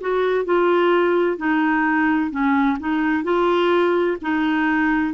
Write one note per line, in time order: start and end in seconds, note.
0.00 0.45 F#4
0.45 1.37 F4
1.37 2.30 D#4
2.30 2.77 C#4
2.79 3.23 D#4
3.23 4.17 F4
4.21 5.13 D#4